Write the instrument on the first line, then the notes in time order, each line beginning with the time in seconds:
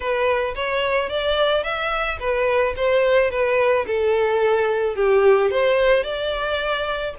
violin
0.00 B4
0.55 C#5
1.09 D5
1.63 E5
2.19 B4
2.76 C5
3.30 B4
3.87 A4
4.95 G4
5.50 C5
6.03 D5